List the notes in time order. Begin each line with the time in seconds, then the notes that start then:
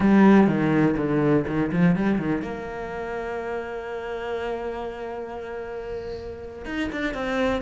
0.00 G3
0.47 D#3
0.97 D3
1.47 D#3
1.72 F3
1.95 G3
2.18 D#3
2.42 A#3
6.65 D#4
6.91 D4
7.13 C4